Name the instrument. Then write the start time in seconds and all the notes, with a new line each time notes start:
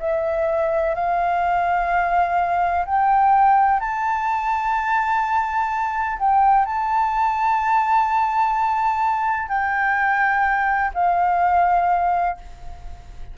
flute
0.00 E5
0.95 F5
2.86 G5
3.81 A5
6.19 G5
6.66 A5
9.49 G5
10.94 F5